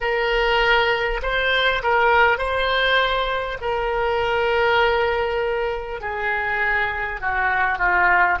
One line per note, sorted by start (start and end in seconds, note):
0.01 1.21 A#4
1.22 1.82 C5
1.82 2.37 A#4
2.37 3.57 C5
3.61 6.01 A#4
6.01 7.21 G#4
7.21 7.78 F#4
7.78 8.38 F4